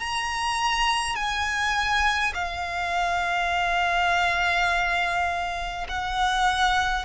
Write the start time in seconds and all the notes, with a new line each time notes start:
0.00 A#5
1.16 G#5
2.34 F5
5.88 F#5